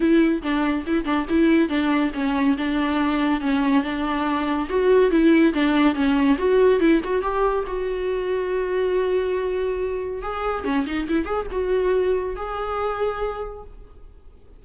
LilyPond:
\new Staff \with { instrumentName = "viola" } { \time 4/4 \tempo 4 = 141 e'4 d'4 e'8 d'8 e'4 | d'4 cis'4 d'2 | cis'4 d'2 fis'4 | e'4 d'4 cis'4 fis'4 |
e'8 fis'8 g'4 fis'2~ | fis'1 | gis'4 cis'8 dis'8 e'8 gis'8 fis'4~ | fis'4 gis'2. | }